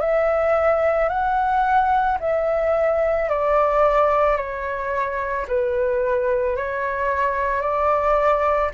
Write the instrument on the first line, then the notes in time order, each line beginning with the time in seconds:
flute
0.00 E5
1.09 F#5
2.20 E5
3.29 D5
4.37 C#5
5.48 B4
6.57 C#5
7.61 D5